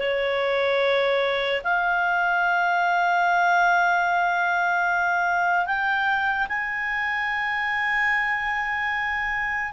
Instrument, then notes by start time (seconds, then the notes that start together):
clarinet
0.00 C#5
1.64 F5
5.66 G5
6.49 G#5